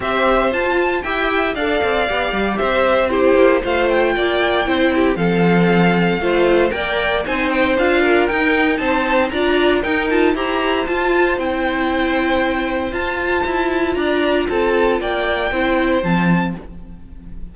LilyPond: <<
  \new Staff \with { instrumentName = "violin" } { \time 4/4 \tempo 4 = 116 e''4 a''4 g''4 f''4~ | f''4 e''4 c''4 f''8 g''8~ | g''2 f''2~ | f''4 g''4 gis''8 g''8 f''4 |
g''4 a''4 ais''4 g''8 a''8 | ais''4 a''4 g''2~ | g''4 a''2 ais''4 | a''4 g''2 a''4 | }
  \new Staff \with { instrumentName = "violin" } { \time 4/4 c''2 e''4 d''4~ | d''4 c''4 g'4 c''4 | d''4 c''8 g'8 a'2 | c''4 d''4 c''4. ais'8~ |
ais'4 c''4 d''4 ais'4 | c''1~ | c''2. d''4 | a'4 d''4 c''2 | }
  \new Staff \with { instrumentName = "viola" } { \time 4/4 g'4 f'4 g'4 a'4 | g'2 e'4 f'4~ | f'4 e'4 c'2 | f'4 ais'4 dis'4 f'4 |
dis'2 f'4 dis'8 f'8 | g'4 f'4 e'2~ | e'4 f'2.~ | f'2 e'4 c'4 | }
  \new Staff \with { instrumentName = "cello" } { \time 4/4 c'4 f'4 e'4 d'8 c'8 | b8 g8 c'4. ais8 a4 | ais4 c'4 f2 | a4 ais4 c'4 d'4 |
dis'4 c'4 d'4 dis'4 | e'4 f'4 c'2~ | c'4 f'4 e'4 d'4 | c'4 ais4 c'4 f4 | }
>>